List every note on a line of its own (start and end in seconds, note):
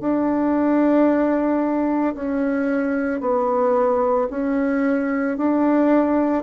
0.00 2.14 D4
2.15 3.20 C#4
3.20 4.28 B3
4.30 5.37 C#4
5.37 6.43 D4